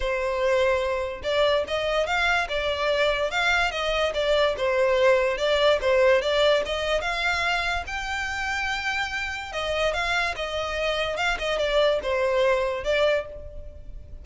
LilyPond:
\new Staff \with { instrumentName = "violin" } { \time 4/4 \tempo 4 = 145 c''2. d''4 | dis''4 f''4 d''2 | f''4 dis''4 d''4 c''4~ | c''4 d''4 c''4 d''4 |
dis''4 f''2 g''4~ | g''2. dis''4 | f''4 dis''2 f''8 dis''8 | d''4 c''2 d''4 | }